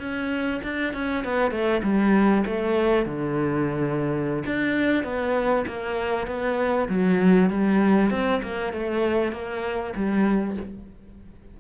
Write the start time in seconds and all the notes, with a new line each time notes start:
0.00 C#4
0.63 D4
0.94 C#4
1.24 B3
1.51 A3
1.83 G3
2.46 A3
3.06 D3
4.46 D4
5.04 B3
5.67 A#3
6.27 B3
6.89 F#3
7.50 G3
8.11 C4
8.43 A#3
8.73 A3
9.33 A#3
9.96 G3